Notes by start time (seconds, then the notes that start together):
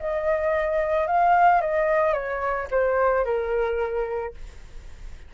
0.00 D#5
1.07 F5
1.61 D#5
2.13 C#5
2.71 C5
3.25 A#4